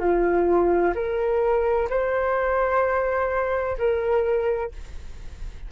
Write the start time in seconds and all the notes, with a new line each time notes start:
0.00 F4
0.95 A#4
1.90 C5
3.78 A#4